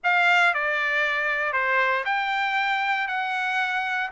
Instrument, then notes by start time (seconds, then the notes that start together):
trumpet
0.03 F5
0.54 D5
1.52 C5
2.05 G5
3.07 F#5